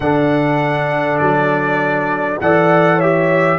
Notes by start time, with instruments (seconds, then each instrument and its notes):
0.00 tuba D3, trombone D4, horn A4, trumpet F#5
1.18 tuba F#3, trumpet D5
2.40 tuba E3, trombone A4, horn D5, trumpet F#5
2.96 horn C#5, trumpet E5
3.02 trombone G4